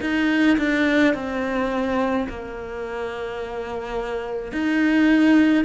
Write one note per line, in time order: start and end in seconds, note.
0.00 0.57 D#4
0.58 1.14 D4
1.14 2.27 C4
2.28 4.52 A#3
4.52 5.64 D#4